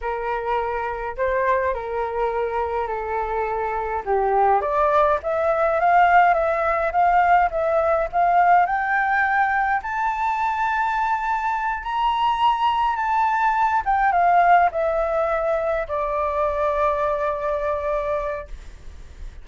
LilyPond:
\new Staff \with { instrumentName = "flute" } { \time 4/4 \tempo 4 = 104 ais'2 c''4 ais'4~ | ais'4 a'2 g'4 | d''4 e''4 f''4 e''4 | f''4 e''4 f''4 g''4~ |
g''4 a''2.~ | a''8 ais''2 a''4. | g''8 f''4 e''2 d''8~ | d''1 | }